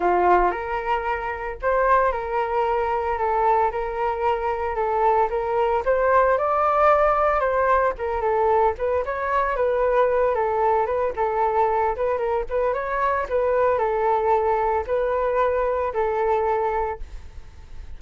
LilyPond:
\new Staff \with { instrumentName = "flute" } { \time 4/4 \tempo 4 = 113 f'4 ais'2 c''4 | ais'2 a'4 ais'4~ | ais'4 a'4 ais'4 c''4 | d''2 c''4 ais'8 a'8~ |
a'8 b'8 cis''4 b'4. a'8~ | a'8 b'8 a'4. b'8 ais'8 b'8 | cis''4 b'4 a'2 | b'2 a'2 | }